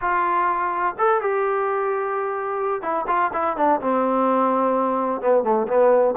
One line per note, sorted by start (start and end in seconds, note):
0.01 0.95 F4
0.98 1.21 A4
1.21 2.82 G4
2.82 3.05 E4
3.07 3.31 F4
3.33 3.56 E4
3.56 3.80 D4
3.80 5.21 C4
5.21 5.43 B3
5.43 5.67 A3
5.67 6.15 B3